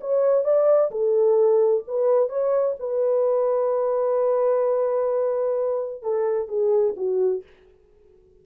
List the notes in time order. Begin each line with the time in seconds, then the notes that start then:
0.00 C#5
0.44 D5
0.90 A4
1.87 B4
2.29 C#5
2.79 B4
6.02 A4
6.48 G#4
6.96 F#4